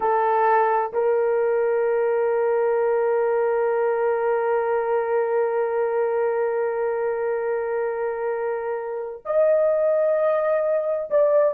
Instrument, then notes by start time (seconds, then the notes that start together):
horn
0.00 A4
0.92 A#4
9.25 D#5
11.10 D5